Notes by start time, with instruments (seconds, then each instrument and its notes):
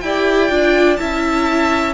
0.00 cello E4, viola G4, violin D5 G5
0.49 cello D4, viola F4
0.96 cello C#4, viola E4, violin E5 A5